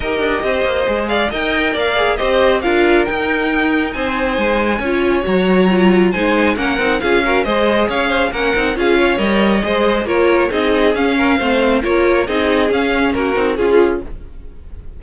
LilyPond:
<<
  \new Staff \with { instrumentName = "violin" } { \time 4/4 \tempo 4 = 137 dis''2~ dis''8 f''8 g''4 | f''4 dis''4 f''4 g''4~ | g''4 gis''2. | ais''2 gis''4 fis''4 |
f''4 dis''4 f''4 fis''4 | f''4 dis''2 cis''4 | dis''4 f''2 cis''4 | dis''4 f''4 ais'4 gis'4 | }
  \new Staff \with { instrumentName = "violin" } { \time 4/4 ais'4 c''4. d''8 dis''4 | d''4 c''4 ais'2~ | ais'4 c''2 cis''4~ | cis''2 c''4 ais'4 |
gis'8 ais'8 c''4 cis''8 c''8 ais'4 | gis'8 cis''4. c''4 ais'4 | gis'4. ais'8 c''4 ais'4 | gis'2 fis'4 f'4 | }
  \new Staff \with { instrumentName = "viola" } { \time 4/4 g'2 gis'4 ais'4~ | ais'8 gis'8 g'4 f'4 dis'4~ | dis'2. f'4 | fis'4 f'4 dis'4 cis'8 dis'8 |
f'8 fis'8 gis'2 cis'8 dis'8 | f'4 ais'4 gis'4 f'4 | dis'4 cis'4 c'4 f'4 | dis'4 cis'4. dis'8 f'4 | }
  \new Staff \with { instrumentName = "cello" } { \time 4/4 dis'8 d'8 c'8 ais8 gis4 dis'4 | ais4 c'4 d'4 dis'4~ | dis'4 c'4 gis4 cis'4 | fis2 gis4 ais8 c'8 |
cis'4 gis4 cis'4 ais8 c'8 | cis'4 g4 gis4 ais4 | c'4 cis'4 a4 ais4 | c'4 cis'4 ais8 c'8 cis'4 | }
>>